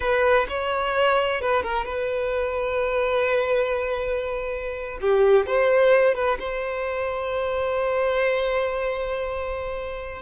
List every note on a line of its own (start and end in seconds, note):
0.00 0.46 B4
0.48 1.41 C#5
1.41 1.62 B4
1.62 1.85 A#4
1.85 4.99 B4
5.01 5.46 G4
5.46 6.14 C5
6.14 6.38 B4
6.39 10.22 C5